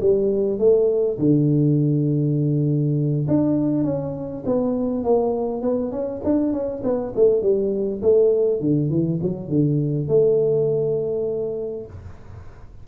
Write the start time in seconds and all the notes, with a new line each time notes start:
0.00 G3
0.58 A3
1.18 D3
3.28 D4
3.84 C#4
4.45 B3
5.04 A#3
5.62 B3
5.91 C#4
6.24 D4
6.52 C#4
6.83 B3
7.15 A3
7.41 G3
8.01 A3
8.60 D3
8.90 E3
9.22 F#3
9.48 D3
10.08 A3